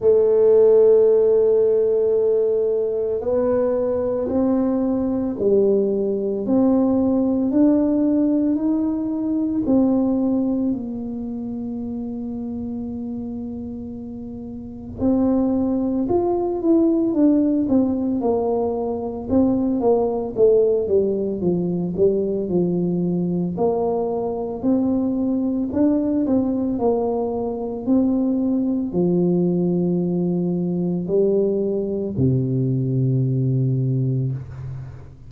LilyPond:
\new Staff \with { instrumentName = "tuba" } { \time 4/4 \tempo 4 = 56 a2. b4 | c'4 g4 c'4 d'4 | dis'4 c'4 ais2~ | ais2 c'4 f'8 e'8 |
d'8 c'8 ais4 c'8 ais8 a8 g8 | f8 g8 f4 ais4 c'4 | d'8 c'8 ais4 c'4 f4~ | f4 g4 c2 | }